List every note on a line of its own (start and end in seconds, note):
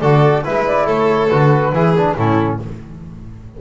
0.00 0.44 D3
0.00 0.43 F#4
0.00 0.43 A4
0.00 0.43 D5
0.43 0.87 G#3
0.43 1.29 E4
0.43 0.86 B4
0.43 0.65 E5
0.66 0.87 D5
0.86 1.30 A3
0.86 1.71 A4
0.86 1.28 C#5
1.28 1.72 D3
1.28 1.73 F#4
1.28 2.14 B4
1.72 2.15 E3
1.72 1.95 E4
1.72 2.17 G#4
1.96 2.17 D4
2.16 2.59 A2
2.16 2.60 C#4
2.16 2.61 E4
2.16 2.59 A4